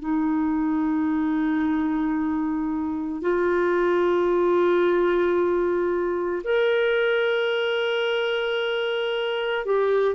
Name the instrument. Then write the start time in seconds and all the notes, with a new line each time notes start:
clarinet
0.00 D#4
3.21 F4
6.44 A#4
9.66 G4